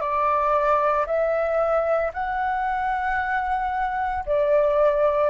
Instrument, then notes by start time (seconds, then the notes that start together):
flute
0.00 D5
1.06 E5
2.13 F#5
4.26 D5